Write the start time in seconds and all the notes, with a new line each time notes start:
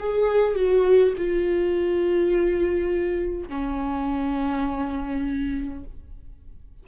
0.00 G#4
0.56 F#4
1.18 F4
3.49 C#4